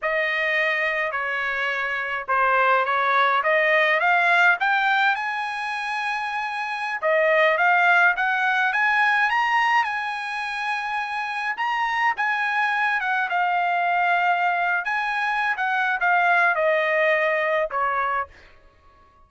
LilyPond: \new Staff \with { instrumentName = "trumpet" } { \time 4/4 \tempo 4 = 105 dis''2 cis''2 | c''4 cis''4 dis''4 f''4 | g''4 gis''2.~ | gis''16 dis''4 f''4 fis''4 gis''8.~ |
gis''16 ais''4 gis''2~ gis''8.~ | gis''16 ais''4 gis''4. fis''8 f''8.~ | f''2 gis''4~ gis''16 fis''8. | f''4 dis''2 cis''4 | }